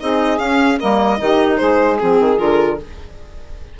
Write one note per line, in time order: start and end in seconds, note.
0.00 0.39 C4
0.00 0.38 D#4
0.00 0.79 G#4
0.00 0.39 D#5
0.38 0.78 C#4
0.38 0.79 C#4
0.38 0.79 F5
0.79 1.19 G3
0.79 1.18 A#3
0.79 1.19 A#4
0.79 1.57 D#5
1.18 1.59 D#3
1.18 1.98 D#4
1.18 1.59 G4
1.57 2.01 G#3
1.57 2.79 G#4
1.57 1.97 C5
1.99 2.20 F3
1.99 2.37 C4
1.99 2.38 G#4
2.20 2.40 D#3
2.37 2.80 D3
2.37 2.77 F4
2.37 2.78 A#4